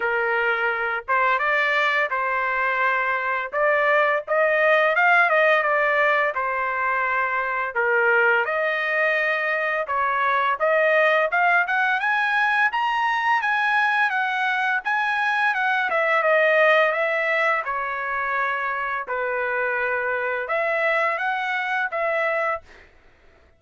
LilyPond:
\new Staff \with { instrumentName = "trumpet" } { \time 4/4 \tempo 4 = 85 ais'4. c''8 d''4 c''4~ | c''4 d''4 dis''4 f''8 dis''8 | d''4 c''2 ais'4 | dis''2 cis''4 dis''4 |
f''8 fis''8 gis''4 ais''4 gis''4 | fis''4 gis''4 fis''8 e''8 dis''4 | e''4 cis''2 b'4~ | b'4 e''4 fis''4 e''4 | }